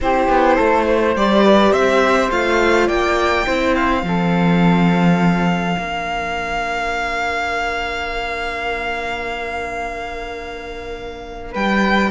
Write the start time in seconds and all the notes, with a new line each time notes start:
0.00 C4 E4 G4 C5
0.28 B3
0.56 A3 A4
0.87 C5
1.16 G3 G4 D5
1.44 B4
1.72 C4 C5 E5
2.30 A3 F4 F5
2.87 A#3 D5 G5
3.46 C4 E4 C5
3.75 F5
4.03 F3 C4 A4
5.75 A#3 D4 A#4
11.51 G3 B4 G5